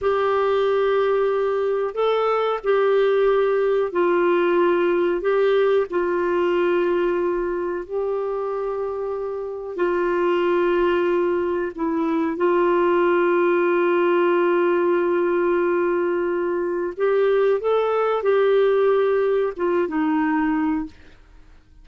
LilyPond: \new Staff \with { instrumentName = "clarinet" } { \time 4/4 \tempo 4 = 92 g'2. a'4 | g'2 f'2 | g'4 f'2. | g'2. f'4~ |
f'2 e'4 f'4~ | f'1~ | f'2 g'4 a'4 | g'2 f'8 dis'4. | }